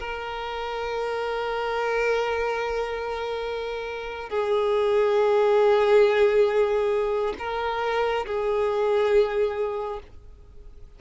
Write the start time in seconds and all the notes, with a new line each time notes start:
0.00 A#4
4.30 G#4
7.39 A#4
8.26 G#4